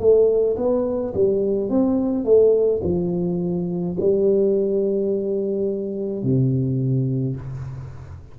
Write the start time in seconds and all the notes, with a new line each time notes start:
0.00 A3
0.57 B3
1.14 G3
1.70 C4
2.25 A3
2.84 F3
4.00 G3
6.23 C3